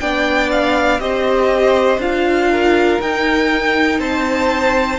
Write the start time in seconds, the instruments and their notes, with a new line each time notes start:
0.00 cello B3, viola D4, violin D5 G5
0.51 violin F5
1.00 cello C4, viola G4, violin C5 D#5
1.99 cello D4, viola F4, violin F5
2.51 violin A#4
3.01 viola D#4, cello D#4, violin G5
3.99 cello C4, violin C5 A5